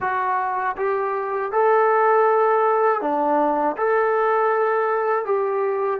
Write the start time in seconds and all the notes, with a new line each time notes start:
0.00 F#4
0.76 G4
1.51 A4
3.01 D4
3.76 A4
5.25 G4